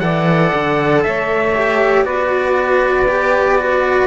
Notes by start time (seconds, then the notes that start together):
0.00 E3 A4 D5 F#5
0.54 D3
1.03 A3 C#5 E5
1.54 G4
2.03 B3 F#4 B4 D5
3.08 G4
3.58 F#4